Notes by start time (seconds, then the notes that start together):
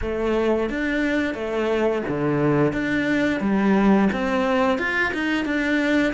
0.01 A3
0.69 D4
1.34 A3
2.08 D3
2.73 D4
3.40 G3
4.12 C4
4.78 F4
5.13 D#4
5.45 D4